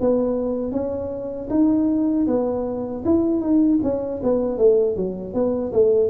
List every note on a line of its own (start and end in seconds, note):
0.00 0.71 B3
0.71 1.48 C#4
1.50 2.27 D#4
2.27 3.04 B3
3.05 3.41 E4
3.41 3.79 D#4
3.83 4.21 C#4
4.23 4.58 B3
4.58 4.96 A3
4.96 5.34 F#3
5.34 5.72 B3
5.72 6.09 A3